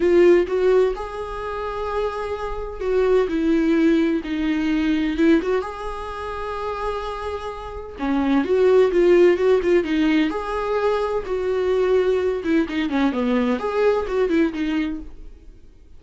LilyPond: \new Staff \with { instrumentName = "viola" } { \time 4/4 \tempo 4 = 128 f'4 fis'4 gis'2~ | gis'2 fis'4 e'4~ | e'4 dis'2 e'8 fis'8 | gis'1~ |
gis'4 cis'4 fis'4 f'4 | fis'8 f'8 dis'4 gis'2 | fis'2~ fis'8 e'8 dis'8 cis'8 | b4 gis'4 fis'8 e'8 dis'4 | }